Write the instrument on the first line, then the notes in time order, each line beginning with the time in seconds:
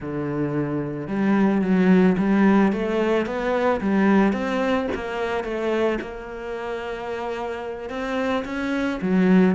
cello
0.00 D3
1.07 G3
1.61 F#3
2.18 G3
2.72 A3
3.26 B3
3.80 G3
4.32 C4
4.94 A#3
5.43 A3
6.01 A#3
7.89 C4
8.44 C#4
9.01 F#3